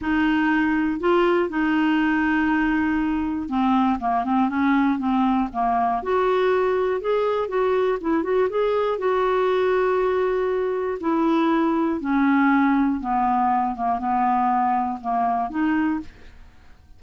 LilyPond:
\new Staff \with { instrumentName = "clarinet" } { \time 4/4 \tempo 4 = 120 dis'2 f'4 dis'4~ | dis'2. c'4 | ais8 c'8 cis'4 c'4 ais4 | fis'2 gis'4 fis'4 |
e'8 fis'8 gis'4 fis'2~ | fis'2 e'2 | cis'2 b4. ais8 | b2 ais4 dis'4 | }